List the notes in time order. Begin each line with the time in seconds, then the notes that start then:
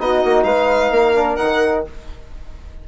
0.00 B3 D#4 F#4 D#5
0.25 A#3
0.44 G#3 B4 F5
0.91 A#3 A#4
1.16 D4
1.36 D#3 D#4 F#5